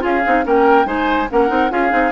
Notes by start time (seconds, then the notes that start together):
0.00 C#4 F4 G#4 F5
0.26 C4 D#4
0.44 A#3 C#4 A#4 G5
0.85 G#3 D#4 C5 G#5
1.31 A#3 C#4 A#4 F#5
1.48 C4 D#4
1.71 C#4 F4 G#4 F5
1.89 C4 D#4